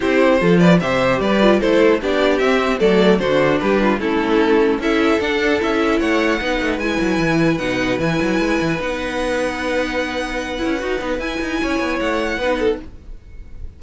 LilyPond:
<<
  \new Staff \with { instrumentName = "violin" } { \time 4/4 \tempo 4 = 150 c''4. d''8 e''4 d''4 | c''4 d''4 e''4 d''4 | c''4 b'4 a'2 | e''4 fis''4 e''4 fis''4~ |
fis''4 gis''2 fis''4 | gis''2 fis''2~ | fis''1 | gis''2 fis''2 | }
  \new Staff \with { instrumentName = "violin" } { \time 4/4 g'4 a'8 b'8 c''4 b'4 | a'4 g'2 a'4 | fis'4 g'8 f'8 e'2 | a'2. cis''4 |
b'1~ | b'1~ | b'1~ | b'4 cis''2 b'8 a'8 | }
  \new Staff \with { instrumentName = "viola" } { \time 4/4 e'4 f'4 g'4. f'8 | e'4 d'4 c'4 a4 | d'2 cis'2 | e'4 d'4 e'2 |
dis'4 e'2 dis'4 | e'2 dis'2~ | dis'2~ dis'8 e'8 fis'8 dis'8 | e'2. dis'4 | }
  \new Staff \with { instrumentName = "cello" } { \time 4/4 c'4 f4 c4 g4 | a4 b4 c'4 fis4 | d4 g4 a2 | cis'4 d'4 cis'4 a4 |
b8 a8 gis8 fis8 e4 b,4 | e8 fis8 gis8 e8 b2~ | b2~ b8 cis'8 dis'8 b8 | e'8 dis'8 cis'8 b8 a4 b4 | }
>>